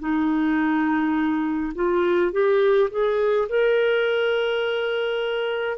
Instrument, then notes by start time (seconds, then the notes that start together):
clarinet
0.00 D#4
1.75 F4
2.32 G4
2.91 G#4
3.49 A#4